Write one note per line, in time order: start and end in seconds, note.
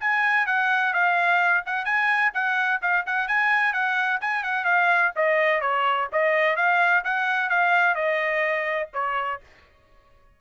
0.00 0.46 G#5
0.46 0.93 F#5
0.93 1.64 F5
1.66 1.85 F#5
1.85 2.32 G#5
2.34 2.80 F#5
2.82 3.05 F5
3.06 3.28 F#5
3.28 3.73 G#5
3.73 4.20 F#5
4.21 4.43 G#5
4.43 4.65 F#5
4.65 5.12 F5
5.16 5.61 D#5
5.61 6.08 C#5
6.12 6.56 D#5
6.56 7.03 F5
7.04 7.49 F#5
7.49 7.95 F5
7.95 8.89 D#5
8.93 9.40 C#5